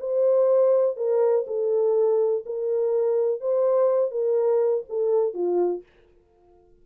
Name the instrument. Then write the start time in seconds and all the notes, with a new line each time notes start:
horn
0.00 C5
0.97 A#4
1.47 A4
2.46 A#4
3.41 C5
4.12 A#4
4.89 A4
5.34 F4